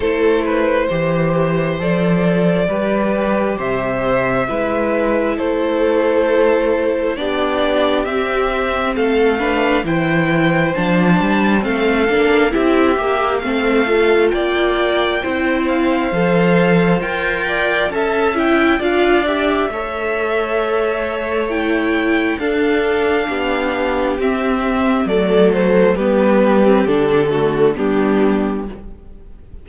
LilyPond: <<
  \new Staff \with { instrumentName = "violin" } { \time 4/4 \tempo 4 = 67 c''2 d''2 | e''2 c''2 | d''4 e''4 f''4 g''4 | a''4 f''4 e''4 f''4 |
g''4. f''4. g''4 | a''8 g''8 f''8 e''2~ e''8 | g''4 f''2 e''4 | d''8 c''8 b'4 a'4 g'4 | }
  \new Staff \with { instrumentName = "violin" } { \time 4/4 a'8 b'8 c''2 b'4 | c''4 b'4 a'2 | g'2 a'8 b'8 c''4~ | c''4 a'4 g'4 a'4 |
d''4 c''2~ c''8 d''8 | e''4 d''4 cis''2~ | cis''4 a'4 g'2 | a'4 g'4. fis'8 d'4 | }
  \new Staff \with { instrumentName = "viola" } { \time 4/4 e'4 g'4 a'4 g'4~ | g'4 e'2. | d'4 c'4. d'8 e'4 | d'4 c'8 d'8 e'8 g'8 c'8 f'8~ |
f'4 e'4 a'4 ais'4 | a'8 e'8 f'8 g'8 a'2 | e'4 d'2 c'4 | a4 b8. c'16 d'8 a8 b4 | }
  \new Staff \with { instrumentName = "cello" } { \time 4/4 a4 e4 f4 g4 | c4 gis4 a2 | b4 c'4 a4 e4 | f8 g8 a8 ais8 c'8 ais8 a4 |
ais4 c'4 f4 f'4 | cis'4 d'4 a2~ | a4 d'4 b4 c'4 | fis4 g4 d4 g4 | }
>>